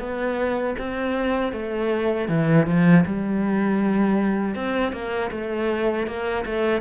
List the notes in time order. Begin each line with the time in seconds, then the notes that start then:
0.00 B3
0.79 C4
1.53 A3
2.29 E3
2.67 F3
3.07 G3
4.56 C4
4.93 A#3
5.31 A3
6.07 A#3
6.46 A3